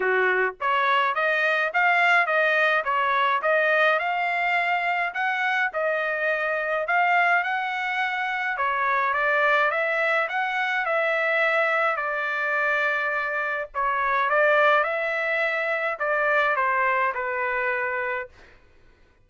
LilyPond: \new Staff \with { instrumentName = "trumpet" } { \time 4/4 \tempo 4 = 105 fis'4 cis''4 dis''4 f''4 | dis''4 cis''4 dis''4 f''4~ | f''4 fis''4 dis''2 | f''4 fis''2 cis''4 |
d''4 e''4 fis''4 e''4~ | e''4 d''2. | cis''4 d''4 e''2 | d''4 c''4 b'2 | }